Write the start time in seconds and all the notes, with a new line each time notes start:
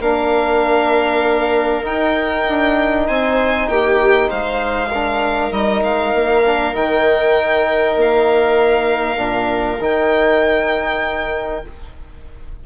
0.00 A#3 D4 A#4 F5
1.84 D#4 G5
2.49 D4
3.08 C4 C5 G#5
3.68 A#3 G4 G5
4.29 G#3 C5 F5
4.91 D4 A#4
5.52 G3 D#4 D#5
5.84 G#3 F5
6.14 A#3
6.44 D4
6.74 D#3 D#4 G5
7.97 A#3 F5
9.17 A#2 D4
9.80 D#3 D#4 G5